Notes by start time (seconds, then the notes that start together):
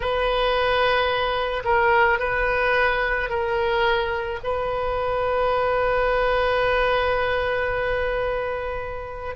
0.00 B4
1.64 A#4
2.19 B4
3.29 A#4
4.43 B4